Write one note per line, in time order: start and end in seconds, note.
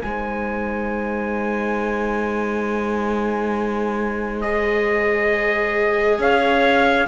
0.00 6.18 G#3
0.00 4.42 D#4
0.00 6.19 C5
0.00 4.41 G#5
4.41 7.07 G#4
4.41 6.17 D#5
6.18 7.06 C#4
6.18 7.07 C#5
6.18 7.07 F5